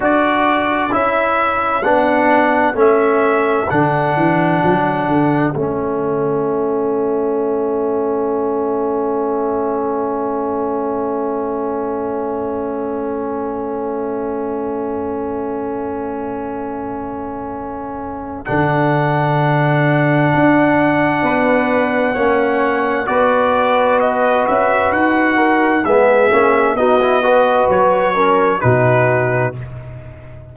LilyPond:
<<
  \new Staff \with { instrumentName = "trumpet" } { \time 4/4 \tempo 4 = 65 d''4 e''4 fis''4 e''4 | fis''2 e''2~ | e''1~ | e''1~ |
e''1 | fis''1~ | fis''4 d''4 dis''8 e''8 fis''4 | e''4 dis''4 cis''4 b'4 | }
  \new Staff \with { instrumentName = "horn" } { \time 4/4 a'1~ | a'1~ | a'1~ | a'1~ |
a'1~ | a'2. b'4 | cis''4 b'2~ b'8 ais'8 | gis'4 fis'8 b'4 ais'8 fis'4 | }
  \new Staff \with { instrumentName = "trombone" } { \time 4/4 fis'4 e'4 d'4 cis'4 | d'2 cis'2~ | cis'1~ | cis'1~ |
cis'1 | d'1 | cis'4 fis'2. | b8 cis'8 dis'16 e'16 fis'4 cis'8 dis'4 | }
  \new Staff \with { instrumentName = "tuba" } { \time 4/4 d'4 cis'4 b4 a4 | d8 e8 fis8 d8 a2~ | a1~ | a1~ |
a1 | d2 d'4 b4 | ais4 b4. cis'8 dis'4 | gis8 ais8 b4 fis4 b,4 | }
>>